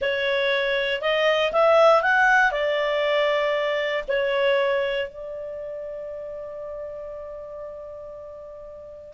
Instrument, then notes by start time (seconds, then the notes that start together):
clarinet
0.01 C#5
1.01 D#5
1.52 E5
2.02 F#5
2.51 D5
4.07 C#5
5.08 D5